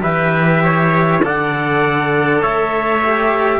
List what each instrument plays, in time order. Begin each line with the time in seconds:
0.00 cello E3 G4, trumpet B4 E5
0.64 trumpet C#5
1.23 cello D3 A4, trumpet D5 F#5
2.42 cello A3, trumpet C#5 E5
3.04 cello G4